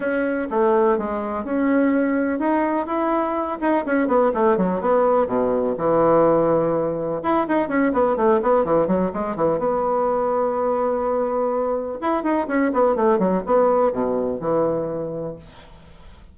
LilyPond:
\new Staff \with { instrumentName = "bassoon" } { \time 4/4 \tempo 4 = 125 cis'4 a4 gis4 cis'4~ | cis'4 dis'4 e'4. dis'8 | cis'8 b8 a8 fis8 b4 b,4 | e2. e'8 dis'8 |
cis'8 b8 a8 b8 e8 fis8 gis8 e8 | b1~ | b4 e'8 dis'8 cis'8 b8 a8 fis8 | b4 b,4 e2 | }